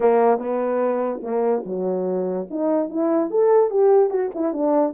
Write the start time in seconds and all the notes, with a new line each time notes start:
0.00 A#3
0.38 B3
1.22 A#3
1.65 F#3
2.50 D#4
2.89 E4
3.30 A4
3.70 G4
4.10 F#4
4.34 E4
4.53 D4